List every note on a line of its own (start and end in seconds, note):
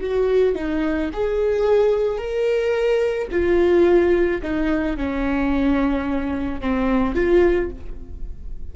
0.00 0.55 F#4
0.55 1.10 D#4
1.13 2.18 G#4
2.18 3.28 A#4
3.31 4.41 F4
4.42 4.97 D#4
4.97 6.61 C#4
6.61 7.15 C4
7.15 7.70 F4